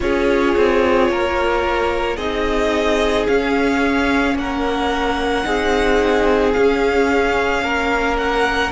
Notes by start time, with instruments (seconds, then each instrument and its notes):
0.00 cello C#4, viola F4, violin G#4 C#5
0.56 cello C4
1.10 cello A#3, violin A#4
2.16 cello C4, viola D#4, violin G#4 D#5
3.26 viola C#4, cello C#4, violin F5
4.35 cello A#3, violin A#4 F#5
5.44 cello C4, viola D#4, violin G#4
6.52 viola C#4, cello C#4, violin F5
7.62 cello A#3, violin A#4
8.17 violin F#5